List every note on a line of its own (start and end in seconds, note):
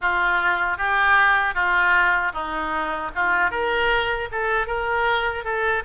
0.01 0.77 F4
0.77 1.54 G4
1.54 2.32 F4
2.33 3.11 D#4
3.15 3.51 F4
3.51 4.29 A#4
4.31 4.66 A4
4.66 5.44 A#4
5.44 5.83 A4